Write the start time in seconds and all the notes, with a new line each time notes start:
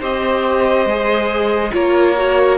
0.00 C4 G4 C5 D#5
0.86 G#3 G#4
1.72 A#3 F4 A#4 C#5
2.17 F#4